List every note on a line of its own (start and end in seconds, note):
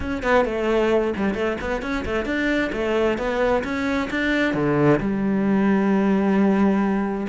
0.00 0.22 C#4
0.22 0.45 B3
0.45 1.13 A3
1.16 1.34 G3
1.34 1.57 A3
1.60 1.81 B3
1.81 2.04 C#4
2.05 2.25 A3
2.25 2.70 D4
2.72 3.18 A3
3.18 3.63 B3
3.64 4.09 C#4
4.10 4.54 D4
4.54 4.99 D3
5.00 7.27 G3